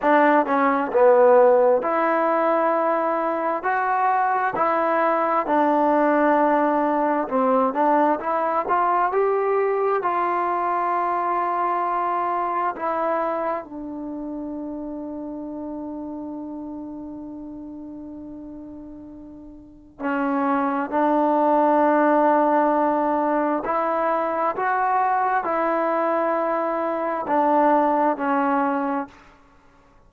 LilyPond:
\new Staff \with { instrumentName = "trombone" } { \time 4/4 \tempo 4 = 66 d'8 cis'8 b4 e'2 | fis'4 e'4 d'2 | c'8 d'8 e'8 f'8 g'4 f'4~ | f'2 e'4 d'4~ |
d'1~ | d'2 cis'4 d'4~ | d'2 e'4 fis'4 | e'2 d'4 cis'4 | }